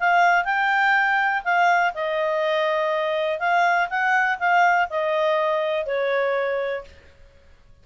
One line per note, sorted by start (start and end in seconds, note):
0.00 0.45 F5
0.45 1.43 G5
1.44 1.94 F5
1.94 3.40 D#5
3.40 3.89 F5
3.90 4.39 F#5
4.39 4.88 F5
4.90 5.87 D#5
5.87 6.85 C#5